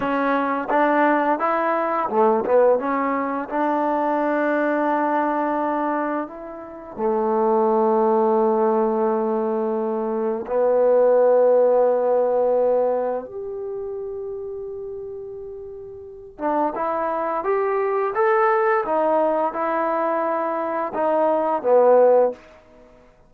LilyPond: \new Staff \with { instrumentName = "trombone" } { \time 4/4 \tempo 4 = 86 cis'4 d'4 e'4 a8 b8 | cis'4 d'2.~ | d'4 e'4 a2~ | a2. b4~ |
b2. g'4~ | g'2.~ g'8 d'8 | e'4 g'4 a'4 dis'4 | e'2 dis'4 b4 | }